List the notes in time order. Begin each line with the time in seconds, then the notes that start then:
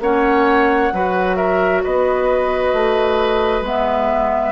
0.00 A#3 C#4 C#5 F#5
0.92 F#3 F#4 B4
1.36 A#4 E5
1.83 B3 B4 D#5
2.73 A3
3.61 G#3 B3 E5